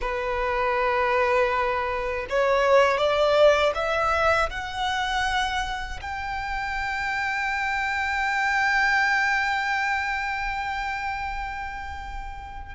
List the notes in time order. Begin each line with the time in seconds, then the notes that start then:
0.01 B4
2.29 C#5
2.97 D5
3.74 E5
4.50 F#5
6.01 G5